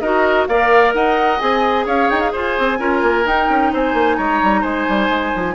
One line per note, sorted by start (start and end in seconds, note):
0.00 0.47 D#4
0.00 0.49 F#4
0.00 0.47 A#4
0.00 0.46 D#5
0.47 0.94 A#3
0.47 1.39 A#4
0.47 0.94 D5
0.47 0.93 F5
0.93 1.40 D#4
0.93 1.86 D#5
0.93 1.39 F#5
1.39 1.86 C4
1.39 2.78 G#4
1.39 1.85 G#5
1.86 2.09 C#4
1.86 2.32 C#5
1.86 2.10 F5
2.10 2.33 D#4
2.10 2.20 G5
2.20 2.32 F5
2.32 2.58 F4
2.32 2.78 C5
2.32 3.27 G#5
2.58 2.79 C4
2.78 3.02 C#4
2.78 3.24 F4
2.78 3.71 A#4
3.02 3.25 A#3
3.25 3.48 D#4
3.25 5.54 D#4
3.25 3.73 G5
3.49 3.72 C#4
3.73 3.94 C4
3.73 4.17 C5
3.73 4.16 G#5
3.94 4.17 A#3
4.16 4.41 G#3
4.16 4.61 C#5
4.16 4.63 A#5
4.42 4.63 G3
4.61 4.86 G#3
4.61 5.53 C5
4.61 5.54 G#5
4.88 5.09 G3
5.09 5.32 G#3
5.35 5.54 F3